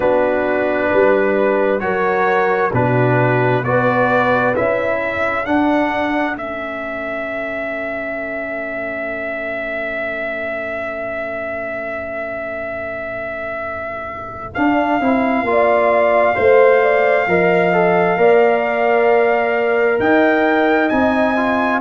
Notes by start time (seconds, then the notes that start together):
0.00 B3 D4 F#4 B4
0.91 G3 B4
1.80 F#3 F#4 A#4 C#5
2.73 B2 D4 F#4 B4
3.63 B3 F#4 B4 D5
4.55 C#4 E4 E5
4.99 A4
5.45 D4 F#5
6.35 A3 C#4 E5
14.54 D4 F5
15.00 C4 E4
15.43 A#3 F4
15.50 D5
16.34 A3 C5
16.82 D5
17.27 F3 A#4 D#5
17.73 A4
18.17 A#3 A#4 D5
19.99 D#4 D#5 G5
20.88 C4 D#4 G#5
21.36 F4